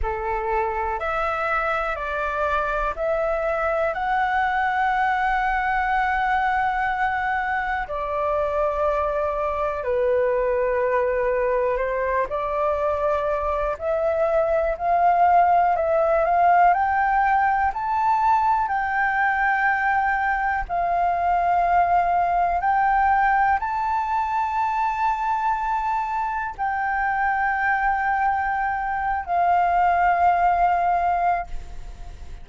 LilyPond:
\new Staff \with { instrumentName = "flute" } { \time 4/4 \tempo 4 = 61 a'4 e''4 d''4 e''4 | fis''1 | d''2 b'2 | c''8 d''4. e''4 f''4 |
e''8 f''8 g''4 a''4 g''4~ | g''4 f''2 g''4 | a''2. g''4~ | g''4.~ g''16 f''2~ f''16 | }